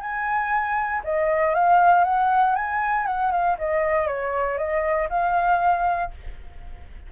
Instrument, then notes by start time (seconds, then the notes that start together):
flute
0.00 G#5
1.04 D#5
1.55 F5
2.04 F#5
2.55 G#5
3.06 F#5
3.31 F5
3.58 D#5
4.07 C#5
4.58 D#5
5.09 F5